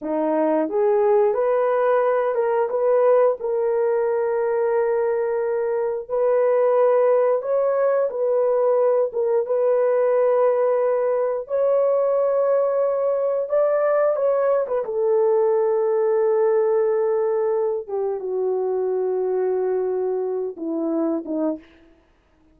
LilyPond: \new Staff \with { instrumentName = "horn" } { \time 4/4 \tempo 4 = 89 dis'4 gis'4 b'4. ais'8 | b'4 ais'2.~ | ais'4 b'2 cis''4 | b'4. ais'8 b'2~ |
b'4 cis''2. | d''4 cis''8. b'16 a'2~ | a'2~ a'8 g'8 fis'4~ | fis'2~ fis'8 e'4 dis'8 | }